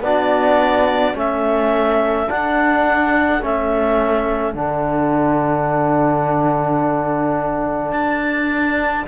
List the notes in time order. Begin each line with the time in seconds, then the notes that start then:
0.00 B3 D4 F#4 D5
1.13 A3 C#4 A4 E5
2.27 D4 F#5
3.42 A3 C#4 E5
4.53 D3 D4 F#5
7.92 D4 A5